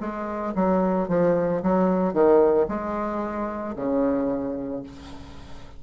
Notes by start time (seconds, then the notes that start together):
0.00 G#3
0.55 F#3
1.08 F3
1.63 F#3
2.13 D#3
2.68 G#3
3.75 C#3